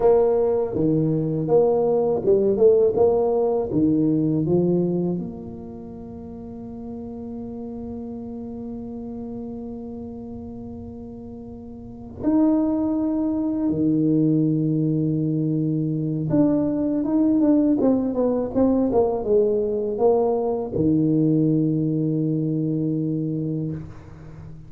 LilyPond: \new Staff \with { instrumentName = "tuba" } { \time 4/4 \tempo 4 = 81 ais4 dis4 ais4 g8 a8 | ais4 dis4 f4 ais4~ | ais1~ | ais1~ |
ais8 dis'2 dis4.~ | dis2 d'4 dis'8 d'8 | c'8 b8 c'8 ais8 gis4 ais4 | dis1 | }